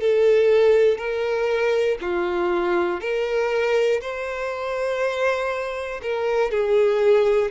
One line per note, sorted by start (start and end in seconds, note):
0.00 0.98 A4
0.98 1.98 A#4
2.01 3.01 F4
3.01 4.01 A#4
4.01 6.01 C5
6.02 6.51 A#4
6.51 7.51 G#4